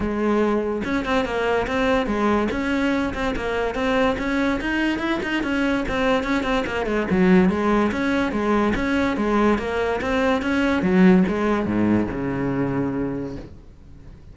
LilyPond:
\new Staff \with { instrumentName = "cello" } { \time 4/4 \tempo 4 = 144 gis2 cis'8 c'8 ais4 | c'4 gis4 cis'4. c'8 | ais4 c'4 cis'4 dis'4 | e'8 dis'8 cis'4 c'4 cis'8 c'8 |
ais8 gis8 fis4 gis4 cis'4 | gis4 cis'4 gis4 ais4 | c'4 cis'4 fis4 gis4 | gis,4 cis2. | }